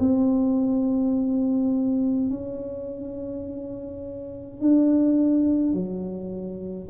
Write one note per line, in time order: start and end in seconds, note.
0.00 2.30 C4
2.30 4.60 C#4
4.60 5.73 D4
5.73 6.89 F#3